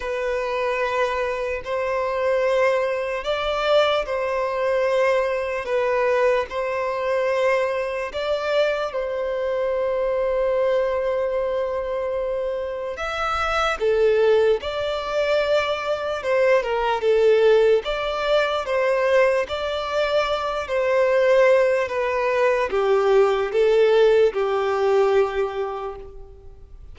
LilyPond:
\new Staff \with { instrumentName = "violin" } { \time 4/4 \tempo 4 = 74 b'2 c''2 | d''4 c''2 b'4 | c''2 d''4 c''4~ | c''1 |
e''4 a'4 d''2 | c''8 ais'8 a'4 d''4 c''4 | d''4. c''4. b'4 | g'4 a'4 g'2 | }